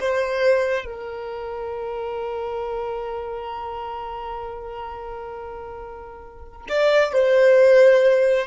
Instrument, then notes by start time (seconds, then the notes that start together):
violin
0.00 C5
0.85 A#4
6.68 D5
7.13 C5